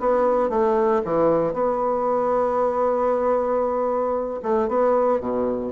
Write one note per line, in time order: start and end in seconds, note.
0.00 0.50 B3
0.50 1.02 A3
1.05 1.54 E3
1.54 4.41 B3
4.43 4.69 A3
4.69 5.21 B3
5.21 5.72 B2